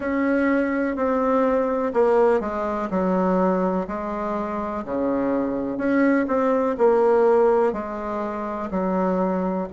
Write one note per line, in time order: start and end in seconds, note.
0.00 0.95 C#4
0.95 1.92 C4
1.94 2.40 A#3
2.40 2.89 G#3
2.90 3.87 F#3
3.87 4.84 G#3
4.84 5.77 C#3
5.77 6.26 C#4
6.27 6.76 C4
6.77 7.72 A#3
7.72 8.69 G#3
8.71 9.67 F#3